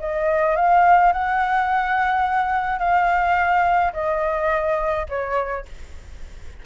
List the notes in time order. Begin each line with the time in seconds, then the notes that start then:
0.00 D#5
0.56 F5
1.13 F#5
2.79 F5
3.93 D#5
5.09 C#5